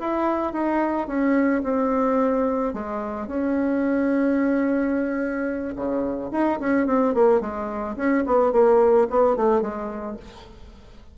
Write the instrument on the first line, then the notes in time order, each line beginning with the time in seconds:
bassoon
0.00 E4
0.53 D#4
1.08 C#4
1.64 C4
2.74 G#3
3.28 C#4
5.76 C#3
6.32 D#4
6.60 C#4
6.87 C4
7.15 A#3
7.41 G#3
7.97 C#4
8.26 B3
8.53 A#3
9.10 B3
9.37 A3
9.62 G#3